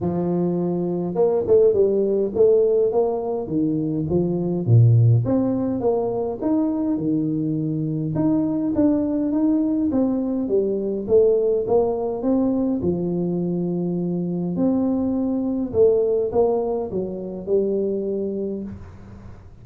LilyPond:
\new Staff \with { instrumentName = "tuba" } { \time 4/4 \tempo 4 = 103 f2 ais8 a8 g4 | a4 ais4 dis4 f4 | ais,4 c'4 ais4 dis'4 | dis2 dis'4 d'4 |
dis'4 c'4 g4 a4 | ais4 c'4 f2~ | f4 c'2 a4 | ais4 fis4 g2 | }